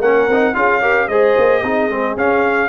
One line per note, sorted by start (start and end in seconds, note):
0.00 0.27 A#3
0.00 0.30 C#4
0.00 0.54 A#4
0.00 0.55 F#5
0.27 0.54 C4
0.27 0.54 D#4
0.54 1.08 C#4
0.54 0.81 F4
0.54 0.81 G#4
0.54 1.08 F5
0.81 1.08 G4
0.81 1.08 A#4
1.08 1.35 G#3
1.08 1.64 G#4
1.08 1.63 C5
1.08 2.16 D#5
1.37 1.62 A#3
1.62 1.89 C4
1.62 1.90 D#4
1.62 2.69 G#4
1.89 2.16 G#3
1.89 2.17 C4
2.16 2.69 C#4
2.16 2.69 F5